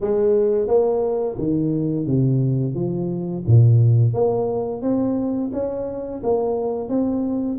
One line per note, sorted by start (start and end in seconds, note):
0.00 0.67 G#3
0.67 1.36 A#3
1.38 2.06 D#3
2.06 2.74 C3
2.74 3.43 F3
3.47 4.13 A#2
4.13 4.81 A#3
4.81 5.50 C4
5.53 6.22 C#4
6.23 6.88 A#3
6.88 7.57 C4